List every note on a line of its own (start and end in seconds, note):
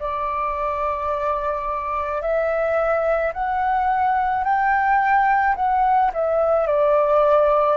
0.00 2.22 D5
2.22 3.33 E5
3.33 4.44 F#5
4.44 5.56 G5
5.56 6.12 F#5
6.14 6.67 E5
6.67 7.77 D5